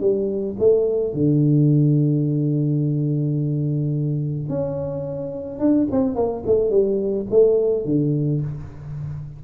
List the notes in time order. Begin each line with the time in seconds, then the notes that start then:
0.00 G3
0.59 A3
1.13 D3
4.49 C#4
5.59 D4
5.91 C4
6.15 A#3
6.46 A3
6.70 G3
7.30 A3
7.85 D3